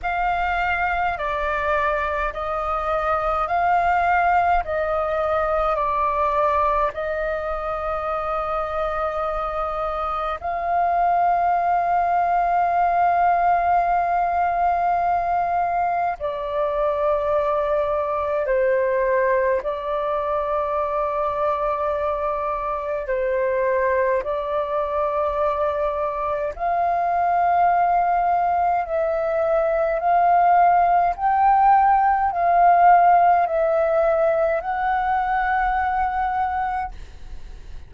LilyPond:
\new Staff \with { instrumentName = "flute" } { \time 4/4 \tempo 4 = 52 f''4 d''4 dis''4 f''4 | dis''4 d''4 dis''2~ | dis''4 f''2.~ | f''2 d''2 |
c''4 d''2. | c''4 d''2 f''4~ | f''4 e''4 f''4 g''4 | f''4 e''4 fis''2 | }